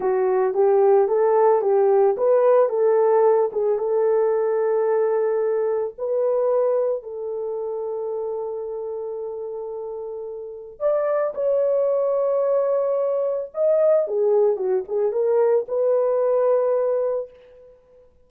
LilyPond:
\new Staff \with { instrumentName = "horn" } { \time 4/4 \tempo 4 = 111 fis'4 g'4 a'4 g'4 | b'4 a'4. gis'8 a'4~ | a'2. b'4~ | b'4 a'2.~ |
a'1 | d''4 cis''2.~ | cis''4 dis''4 gis'4 fis'8 gis'8 | ais'4 b'2. | }